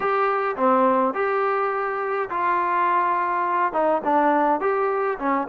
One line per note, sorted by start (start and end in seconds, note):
0.00 0.56 G4
0.56 1.14 C4
1.14 2.29 G4
2.29 3.72 F4
3.72 4.01 D#4
4.04 4.60 D4
4.60 5.18 G4
5.18 5.47 C#4